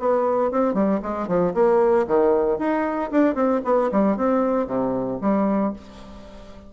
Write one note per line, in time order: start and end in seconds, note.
0.00 0.51 B3
0.51 0.74 C4
0.74 1.00 G3
1.03 1.28 G#3
1.28 1.54 F3
1.54 2.07 A#3
2.08 2.59 D#3
2.59 3.11 D#4
3.11 3.35 D4
3.35 3.61 C4
3.65 3.91 B3
3.92 4.17 G3
4.17 4.67 C4
4.67 5.19 C3
5.22 5.74 G3